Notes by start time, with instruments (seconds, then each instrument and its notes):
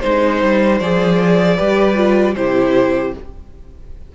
0.00 cello G#3, viola D#4, violin C5
0.42 cello G3
0.79 cello F3, viola G#4, violin D5
1.56 cello G3, viola G4, violin B4
1.95 viola F4
2.35 cello C3, viola E4, violin G4 C5